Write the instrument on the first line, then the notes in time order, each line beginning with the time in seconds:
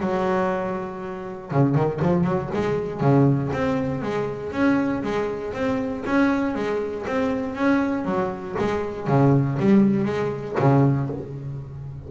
double bass
0.00 F#3
1.51 C#3
1.75 D#3
2.02 F3
2.24 F#3
2.54 G#3
3.01 C#3
3.53 C4
4.02 G#3
4.52 C#4
5.03 G#3
5.53 C4
6.06 C#4
6.55 G#3
7.07 C4
7.55 C#4
8.05 F#3
8.59 G#3
9.08 C#3
9.59 G3
10.05 G#3
10.59 C#3